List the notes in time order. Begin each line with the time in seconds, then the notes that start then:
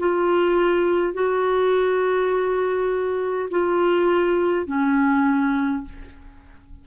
0.00 F4
1.14 F#4
3.51 F4
4.67 C#4